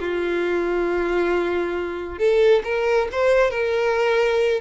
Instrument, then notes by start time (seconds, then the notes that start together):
violin
0.00 F4
2.19 A4
2.65 A#4
3.12 C5
3.51 A#4